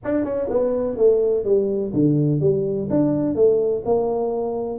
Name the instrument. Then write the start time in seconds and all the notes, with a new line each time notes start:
tuba
0.04 D4
0.24 C#4
0.50 B3
0.96 A3
1.44 G3
1.93 D3
2.40 G3
2.90 D4
3.35 A3
3.85 A#3